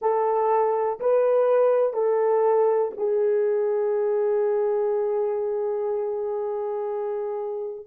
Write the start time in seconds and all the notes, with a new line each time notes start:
0.01 A4
1.00 B4
1.93 A4
2.97 G#4